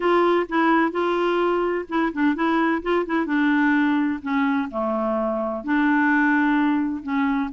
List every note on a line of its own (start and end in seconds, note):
0.00 0.46 F4
0.48 0.91 E4
0.91 1.85 F4
1.89 2.12 E4
2.13 2.35 D4
2.35 2.82 E4
2.82 3.05 F4
3.06 3.26 E4
3.26 4.20 D4
4.21 4.68 C#4
4.70 5.64 A3
5.64 7.02 D4
7.02 7.49 C#4